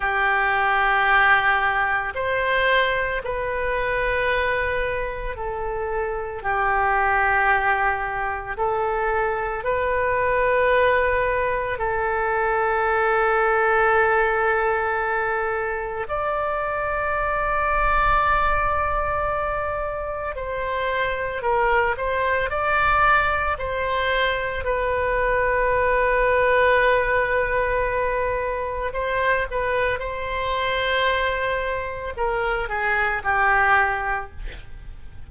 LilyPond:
\new Staff \with { instrumentName = "oboe" } { \time 4/4 \tempo 4 = 56 g'2 c''4 b'4~ | b'4 a'4 g'2 | a'4 b'2 a'4~ | a'2. d''4~ |
d''2. c''4 | ais'8 c''8 d''4 c''4 b'4~ | b'2. c''8 b'8 | c''2 ais'8 gis'8 g'4 | }